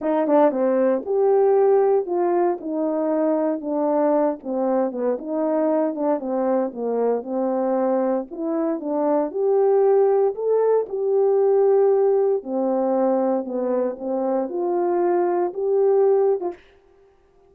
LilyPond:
\new Staff \with { instrumentName = "horn" } { \time 4/4 \tempo 4 = 116 dis'8 d'8 c'4 g'2 | f'4 dis'2 d'4~ | d'8 c'4 b8 dis'4. d'8 | c'4 ais4 c'2 |
e'4 d'4 g'2 | a'4 g'2. | c'2 b4 c'4 | f'2 g'4.~ g'16 f'16 | }